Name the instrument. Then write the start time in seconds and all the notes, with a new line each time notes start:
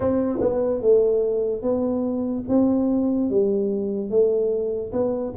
tuba
0.00 C4
0.40 B3
0.81 A3
1.61 B3
2.48 C4
3.30 G3
4.09 A3
4.92 B3